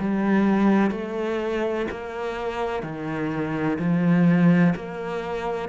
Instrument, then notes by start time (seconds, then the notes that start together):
cello
0.00 G3
0.91 A3
1.91 A#3
2.83 D#3
3.79 F3
4.76 A#3